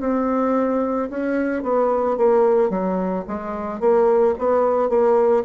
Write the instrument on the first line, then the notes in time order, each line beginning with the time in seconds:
bassoon
0.00 C4
1.10 C#4
1.63 B3
2.17 A#3
2.70 F#3
3.28 G#3
3.80 A#3
4.38 B3
4.89 A#3